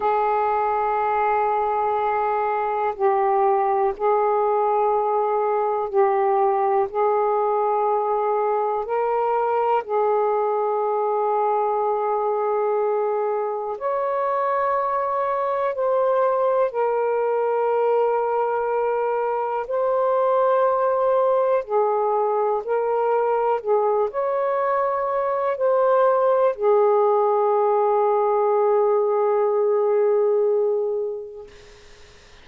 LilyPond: \new Staff \with { instrumentName = "saxophone" } { \time 4/4 \tempo 4 = 61 gis'2. g'4 | gis'2 g'4 gis'4~ | gis'4 ais'4 gis'2~ | gis'2 cis''2 |
c''4 ais'2. | c''2 gis'4 ais'4 | gis'8 cis''4. c''4 gis'4~ | gis'1 | }